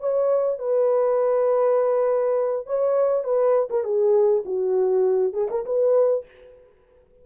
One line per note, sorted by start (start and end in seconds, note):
0.00 0.59 C#5
0.59 2.67 B4
2.67 3.24 C#5
3.24 3.69 B4
3.70 3.84 A#4
3.84 4.43 G#4
4.45 5.33 F#4
5.33 5.48 G#4
5.51 5.65 A#4
5.66 6.25 B4